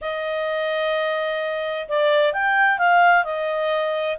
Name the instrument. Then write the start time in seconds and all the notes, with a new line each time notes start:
clarinet
0.01 D#5
1.88 D5
2.33 G5
2.78 F5
3.24 D#5